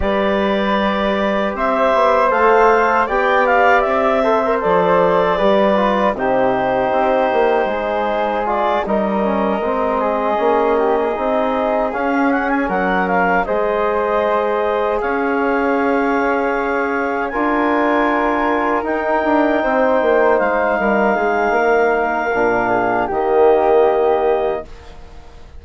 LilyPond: <<
  \new Staff \with { instrumentName = "clarinet" } { \time 4/4 \tempo 4 = 78 d''2 e''4 f''4 | g''8 f''8 e''4 d''2 | c''2. d''8 dis''8~ | dis''2.~ dis''8 f''8 |
fis''16 gis''16 fis''8 f''8 dis''2 f''8~ | f''2~ f''8 gis''4.~ | gis''8 g''2 f''4.~ | f''2 dis''2 | }
  \new Staff \with { instrumentName = "flute" } { \time 4/4 b'2 c''2 | d''4. c''4. b'4 | g'2 gis'4. ais'8~ | ais'4 gis'4 g'16 gis'4.~ gis'16~ |
gis'8 ais'4 c''2 cis''8~ | cis''2~ cis''8 ais'4.~ | ais'4. c''4. ais'8 gis'8 | ais'4. gis'8 g'2 | }
  \new Staff \with { instrumentName = "trombone" } { \time 4/4 g'2. a'4 | g'4. a'16 ais'16 a'4 g'8 f'8 | dis'2. f'8 dis'8 | cis'8 c'4 cis'4 dis'4 cis'8~ |
cis'4. gis'2~ gis'8~ | gis'2~ gis'8 f'4.~ | f'8 dis'2.~ dis'8~ | dis'4 d'4 ais2 | }
  \new Staff \with { instrumentName = "bassoon" } { \time 4/4 g2 c'8 b8 a4 | b4 c'4 f4 g4 | c4 c'8 ais8 gis4. g8~ | g8 gis4 ais4 c'4 cis'8~ |
cis'8 fis4 gis2 cis'8~ | cis'2~ cis'8 d'4.~ | d'8 dis'8 d'8 c'8 ais8 gis8 g8 gis8 | ais4 ais,4 dis2 | }
>>